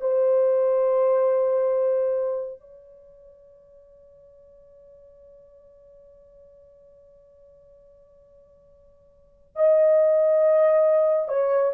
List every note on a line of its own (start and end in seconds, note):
0.00 2.60 C5
2.60 9.55 C#5
9.55 11.28 D#5
11.28 11.71 C#5